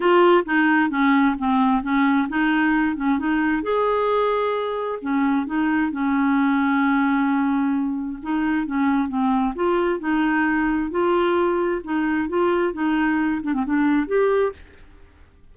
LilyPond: \new Staff \with { instrumentName = "clarinet" } { \time 4/4 \tempo 4 = 132 f'4 dis'4 cis'4 c'4 | cis'4 dis'4. cis'8 dis'4 | gis'2. cis'4 | dis'4 cis'2.~ |
cis'2 dis'4 cis'4 | c'4 f'4 dis'2 | f'2 dis'4 f'4 | dis'4. d'16 c'16 d'4 g'4 | }